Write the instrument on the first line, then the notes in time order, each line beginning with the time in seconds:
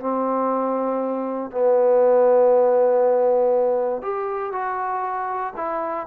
trombone
0.00 C4
1.51 B3
4.02 G4
4.53 F#4
5.56 E4